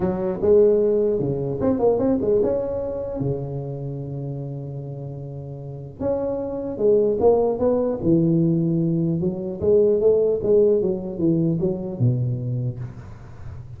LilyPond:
\new Staff \with { instrumentName = "tuba" } { \time 4/4 \tempo 4 = 150 fis4 gis2 cis4 | c'8 ais8 c'8 gis8 cis'2 | cis1~ | cis2. cis'4~ |
cis'4 gis4 ais4 b4 | e2. fis4 | gis4 a4 gis4 fis4 | e4 fis4 b,2 | }